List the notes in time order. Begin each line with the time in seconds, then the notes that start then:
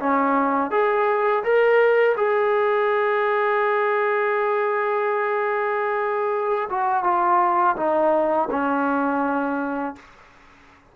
0.00 C#4
0.71 G#4
1.44 A#4
2.17 G#4
6.70 F#4
7.04 F4
7.77 D#4
8.51 C#4